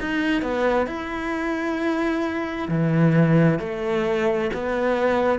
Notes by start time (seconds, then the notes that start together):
0.00 D#4
0.42 B3
0.87 E4
2.69 E3
3.60 A3
4.53 B3